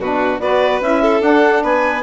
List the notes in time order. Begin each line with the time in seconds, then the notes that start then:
0.00 B2 D4 F#4 B4
0.40 B3 F#4 B4 D5
0.81 C#4 E4 E5
1.02 A4
1.20 D4 F#5
1.64 B3 B4 G#5